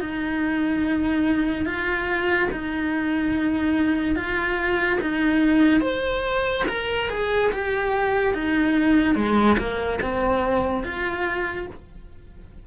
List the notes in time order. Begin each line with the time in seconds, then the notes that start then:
0.00 D#4
1.66 F4
2.52 D#4
4.16 F4
5.01 D#4
5.81 C5
6.68 A#4
7.09 G#4
7.52 G4
8.34 D#4
9.15 G#3
9.58 A#3
10.02 C4
10.84 F4